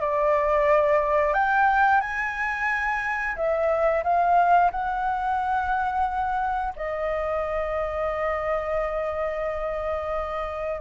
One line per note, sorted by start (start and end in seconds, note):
0.00 1.34 D5
1.34 2.01 G5
2.01 3.36 G#5
3.36 4.03 E5
4.04 4.71 F5
4.71 6.73 F#5
6.76 10.80 D#5